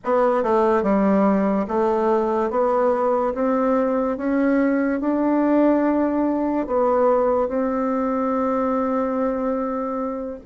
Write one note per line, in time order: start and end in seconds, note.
0.04 0.43 B3
0.43 0.82 A3
0.82 1.66 G3
1.67 2.50 A3
2.50 3.33 B3
3.34 4.17 C4
4.17 5.00 C#4
5.00 6.66 D4
6.66 7.48 B3
7.48 10.39 C4